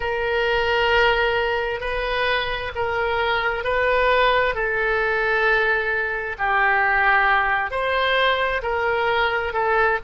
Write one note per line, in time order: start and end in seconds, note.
0.00 1.80 A#4
1.80 2.71 B4
2.75 3.64 A#4
3.64 4.55 B4
4.55 6.36 A4
6.38 7.70 G4
7.70 8.61 C5
8.62 9.53 A#4
9.53 9.98 A4